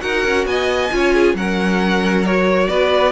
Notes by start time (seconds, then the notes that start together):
0.00 D#4 F#4 A#4 F#5
0.25 C#4
0.46 B3 D#5 G#5
0.92 C#4 F4 C#5
1.14 G#4
1.35 F#3 C#4 A#4 F#5
2.25 F#4 C#5
2.68 B3 B4 D5